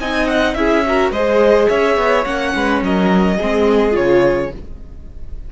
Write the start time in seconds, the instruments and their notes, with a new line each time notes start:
0.00 cello C4, viola D#4, violin D#5 G#5
0.27 violin F#5
0.54 cello C#4, viola E4, violin G#4 E5
0.86 viola F#4, violin A#4
1.11 cello G#3, viola G#4, violin C5 D#5
1.69 cello C#4, violin C#5 E5
1.97 cello B3
2.24 cello A#3, viola C#4, violin F#5
2.55 cello G#3, violin B4
2.82 cello F#3, violin A#4 D#5
3.37 cello G#3, viola C4, violin G#4
3.92 cello C#3, viola F4, violin C#5